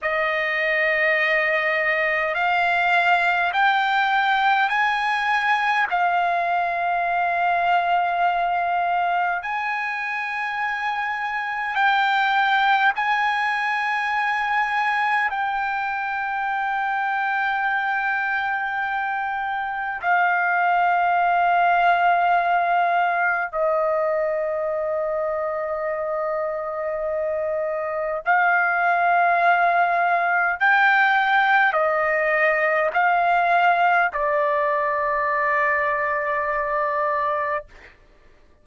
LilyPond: \new Staff \with { instrumentName = "trumpet" } { \time 4/4 \tempo 4 = 51 dis''2 f''4 g''4 | gis''4 f''2. | gis''2 g''4 gis''4~ | gis''4 g''2.~ |
g''4 f''2. | dis''1 | f''2 g''4 dis''4 | f''4 d''2. | }